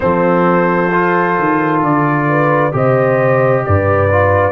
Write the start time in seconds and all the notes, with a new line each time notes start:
0.00 F3 C4 A4 C5
0.92 F4
1.38 D#3
1.81 D3 D5
2.28 B4
2.72 C3 G4 C5 D#5
3.64 G2 B4 D5
4.11 F4